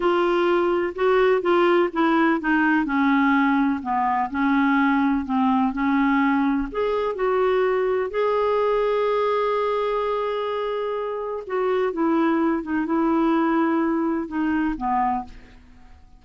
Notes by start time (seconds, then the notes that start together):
0.00 F4
0.95 F#4
1.41 F4
1.92 E4
2.40 D#4
2.85 C#4
3.82 B3
4.30 C#4
5.25 C4
5.72 C#4
6.71 G#4
7.15 F#4
8.10 G#4
11.47 F#4
11.92 E4
12.62 D#4
12.85 E4
14.27 D#4
14.77 B3